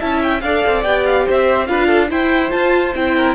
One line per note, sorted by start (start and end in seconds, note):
0.00 0.43 C#4
0.00 0.42 E4
0.00 0.42 E5
0.00 0.22 A5
0.23 0.41 G5
0.41 0.64 D4
0.41 0.85 A4
0.41 1.26 D5
0.41 0.82 F5
0.67 0.85 C4
0.82 1.27 B3
0.82 1.67 G4
0.82 1.03 G5
1.06 1.26 F5
1.26 1.69 C4
1.26 1.68 C5
1.26 1.66 E5
1.66 2.11 D4
1.66 2.09 F4
1.66 1.87 B4
1.66 2.08 F5
1.87 2.08 A4
2.09 2.50 E4
2.09 2.53 E4
2.09 3.15 C5
2.09 2.51 G5
2.50 2.92 F4
2.50 2.95 F4
2.50 2.93 A5
2.95 3.35 C4
2.95 3.35 E4
2.95 3.35 G5
3.16 3.35 A#4